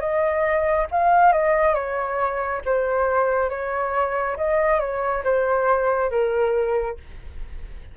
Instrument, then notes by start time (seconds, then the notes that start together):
flute
0.00 D#5
0.92 F5
1.33 D#5
1.75 C#5
2.65 C5
3.50 C#5
4.37 D#5
4.80 C#5
5.24 C5
6.11 A#4